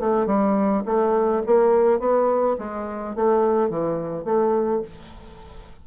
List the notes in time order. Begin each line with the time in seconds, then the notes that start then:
0.00 A3
0.26 G3
0.85 A3
1.46 A#3
1.99 B3
2.58 G#3
3.15 A3
3.70 E3
4.25 A3